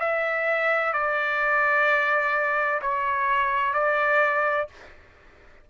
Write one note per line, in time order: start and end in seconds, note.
0.00 0.93 E5
0.93 2.81 D5
2.82 3.74 C#5
3.74 4.68 D5